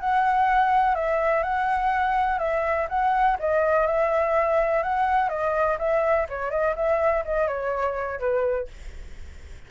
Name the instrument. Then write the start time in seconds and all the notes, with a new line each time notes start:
flute
0.00 F#5
0.95 E5
1.43 F#5
2.38 E5
2.89 F#5
3.39 D#5
3.86 E5
4.83 F#5
5.29 D#5
5.78 E5
6.29 C#5
6.51 D#5
6.76 E5
7.25 D#5
7.47 C#5
8.19 B4